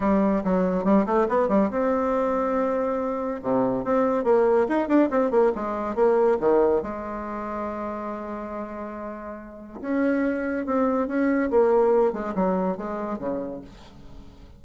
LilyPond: \new Staff \with { instrumentName = "bassoon" } { \time 4/4 \tempo 4 = 141 g4 fis4 g8 a8 b8 g8 | c'1 | c4 c'4 ais4 dis'8 d'8 | c'8 ais8 gis4 ais4 dis4 |
gis1~ | gis2. cis'4~ | cis'4 c'4 cis'4 ais4~ | ais8 gis8 fis4 gis4 cis4 | }